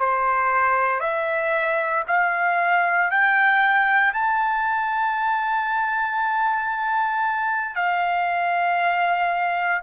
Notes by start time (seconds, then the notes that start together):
0.00 C5
1.01 E5
2.08 F5
3.11 G5
4.14 A5
7.76 F5